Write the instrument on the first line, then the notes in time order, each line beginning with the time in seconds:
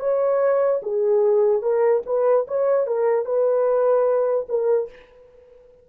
horn
0.00 C#5
0.83 G#4
1.63 A#4
2.06 B4
2.48 C#5
2.87 A#4
3.26 B4
4.49 A#4